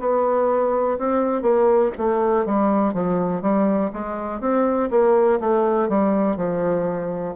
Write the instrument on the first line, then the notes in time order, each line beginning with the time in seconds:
bassoon
0.00 B3
0.98 C4
1.42 A#3
1.98 A3
2.45 G3
2.93 F3
3.42 G3
3.93 G#3
4.40 C4
4.90 A#3
5.40 A3
5.89 G3
6.37 F3